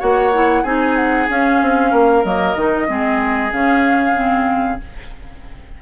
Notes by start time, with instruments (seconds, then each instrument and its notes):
0.00 bassoon A#3, clarinet F#4, oboe C#5, flute F#5
0.34 clarinet E4
0.63 bassoon C4, clarinet D#4, oboe G#4, flute G#5
0.96 flute F#5
1.30 bassoon C#4, clarinet C#4, flute F5
1.62 bassoon C4
1.91 bassoon A#3, oboe A#4
2.25 bassoon F#3, clarinet A#3, flute D#5
2.55 bassoon D#3, clarinet D#4
2.87 bassoon G#3, clarinet C4, oboe G#4
3.52 bassoon C#3, clarinet C#4, flute F5
4.15 clarinet C4